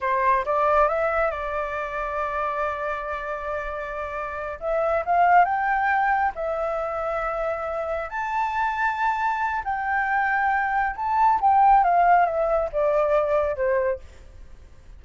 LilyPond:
\new Staff \with { instrumentName = "flute" } { \time 4/4 \tempo 4 = 137 c''4 d''4 e''4 d''4~ | d''1~ | d''2~ d''8 e''4 f''8~ | f''8 g''2 e''4.~ |
e''2~ e''8 a''4.~ | a''2 g''2~ | g''4 a''4 g''4 f''4 | e''4 d''2 c''4 | }